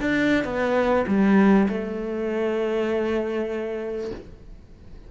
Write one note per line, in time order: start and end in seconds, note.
0.00 0.44 D4
0.44 1.05 B3
1.07 1.67 G3
1.68 4.10 A3